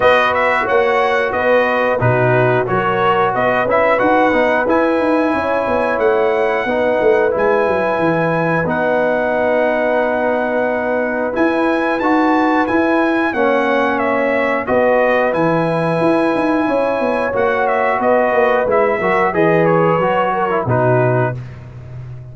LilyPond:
<<
  \new Staff \with { instrumentName = "trumpet" } { \time 4/4 \tempo 4 = 90 dis''8 e''8 fis''4 dis''4 b'4 | cis''4 dis''8 e''8 fis''4 gis''4~ | gis''4 fis''2 gis''4~ | gis''4 fis''2.~ |
fis''4 gis''4 a''4 gis''4 | fis''4 e''4 dis''4 gis''4~ | gis''2 fis''8 e''8 dis''4 | e''4 dis''8 cis''4. b'4 | }
  \new Staff \with { instrumentName = "horn" } { \time 4/4 b'4 cis''4 b'4 fis'4 | ais'4 b'2. | cis''2 b'2~ | b'1~ |
b'1 | cis''2 b'2~ | b'4 cis''2 b'4~ | b'8 ais'8 b'4. ais'8 fis'4 | }
  \new Staff \with { instrumentName = "trombone" } { \time 4/4 fis'2. dis'4 | fis'4. e'8 fis'8 dis'8 e'4~ | e'2 dis'4 e'4~ | e'4 dis'2.~ |
dis'4 e'4 fis'4 e'4 | cis'2 fis'4 e'4~ | e'2 fis'2 | e'8 fis'8 gis'4 fis'8. e'16 dis'4 | }
  \new Staff \with { instrumentName = "tuba" } { \time 4/4 b4 ais4 b4 b,4 | fis4 b8 cis'8 dis'8 b8 e'8 dis'8 | cis'8 b8 a4 b8 a8 gis8 fis8 | e4 b2.~ |
b4 e'4 dis'4 e'4 | ais2 b4 e4 | e'8 dis'8 cis'8 b8 ais4 b8 ais8 | gis8 fis8 e4 fis4 b,4 | }
>>